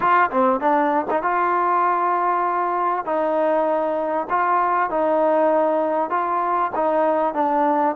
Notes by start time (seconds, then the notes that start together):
0.00 F4
0.30 C4
0.60 D4
1.10 D#4
1.22 F4
3.05 D#4
4.29 F4
4.90 D#4
6.10 F4
6.75 D#4
7.34 D4